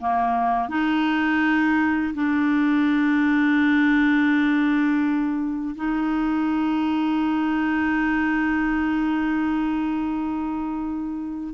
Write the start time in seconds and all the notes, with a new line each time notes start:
0.00 A#3
0.69 D#4
2.14 D4
5.76 D#4